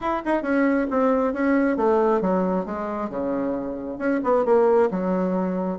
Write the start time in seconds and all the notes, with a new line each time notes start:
0.00 E4
0.25 D#4
0.42 C#4
0.90 C4
1.33 C#4
1.77 A3
2.21 F#3
2.65 G#3
3.09 C#3
3.98 C#4
4.23 B3
4.45 A#3
4.90 F#3